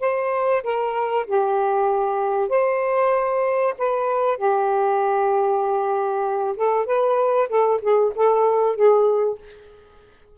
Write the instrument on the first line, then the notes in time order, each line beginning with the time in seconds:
saxophone
0.00 C5
0.63 A#4
1.26 G4
2.49 C5
3.78 B4
4.37 G4
6.56 A4
6.86 B4
7.49 A4
7.81 G#4
8.15 A4
8.76 G#4